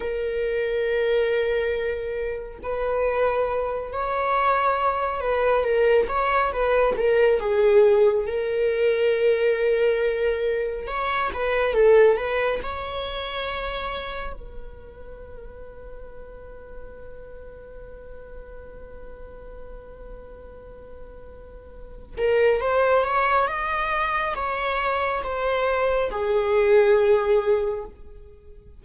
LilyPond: \new Staff \with { instrumentName = "viola" } { \time 4/4 \tempo 4 = 69 ais'2. b'4~ | b'8 cis''4. b'8 ais'8 cis''8 b'8 | ais'8 gis'4 ais'2~ ais'8~ | ais'8 cis''8 b'8 a'8 b'8 cis''4.~ |
cis''8 b'2.~ b'8~ | b'1~ | b'4. ais'8 c''8 cis''8 dis''4 | cis''4 c''4 gis'2 | }